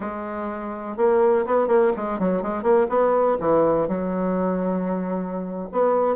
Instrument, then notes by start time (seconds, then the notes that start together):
bassoon
0.00 G#3
0.96 A#3
1.45 B3
1.67 A#3
1.96 G#3
2.19 F#3
2.42 G#3
2.62 A#3
2.89 B3
3.40 E3
3.88 F#3
5.72 B3